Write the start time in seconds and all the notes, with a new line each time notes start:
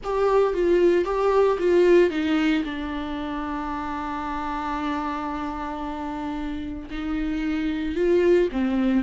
0.03 G4
0.53 F4
1.05 G4
1.58 F4
2.10 D#4
2.64 D4
6.90 D#4
7.95 F4
8.51 C4